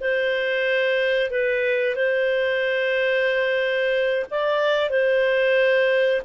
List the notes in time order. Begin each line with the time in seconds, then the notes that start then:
0.00 C5
1.31 B4
1.95 C5
4.31 D5
4.90 C5